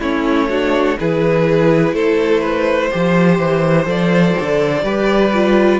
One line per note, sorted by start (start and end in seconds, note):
0.00 0.97 A3
0.00 0.50 C#4
0.00 0.48 E4
0.00 0.99 C#5
0.49 0.98 D4
0.49 0.97 F#4
0.99 1.93 E3
0.99 2.91 E4
0.99 1.95 G#4
0.99 1.95 B4
1.93 2.90 A3
1.93 2.41 A4
1.93 3.88 C5
2.41 2.89 B4
2.91 3.38 F3
2.91 3.85 G4
2.91 4.84 C5
3.38 3.86 E3
3.85 4.34 F3
3.85 4.82 A4
3.85 5.80 D5
4.41 4.82 D3
4.82 5.79 G3
4.82 5.32 G4
4.82 5.80 B4
5.33 5.80 F4